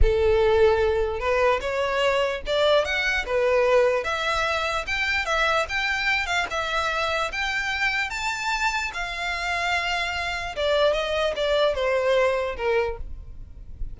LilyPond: \new Staff \with { instrumentName = "violin" } { \time 4/4 \tempo 4 = 148 a'2. b'4 | cis''2 d''4 fis''4 | b'2 e''2 | g''4 e''4 g''4. f''8 |
e''2 g''2 | a''2 f''2~ | f''2 d''4 dis''4 | d''4 c''2 ais'4 | }